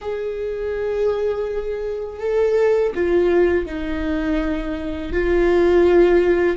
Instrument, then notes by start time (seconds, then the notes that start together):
viola
0.01 G#4
2.19 A4
2.95 F4
3.66 D#4
5.12 F4